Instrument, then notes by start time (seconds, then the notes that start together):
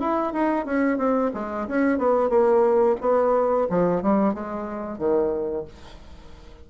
bassoon
0.00 E4
0.33 D#4
0.66 C#4
0.98 C4
1.34 G#3
1.68 C#4
1.98 B3
2.29 A#3
3.01 B3
3.70 F3
4.02 G3
4.34 G#3
4.98 D#3